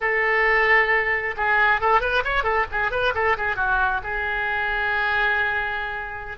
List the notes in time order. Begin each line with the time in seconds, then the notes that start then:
0.00 A4
1.37 G#4
1.80 A4
2.00 B4
2.24 C#5
2.43 A4
2.71 G#4
2.91 B4
3.14 A4
3.37 G#4
3.56 F#4
4.03 G#4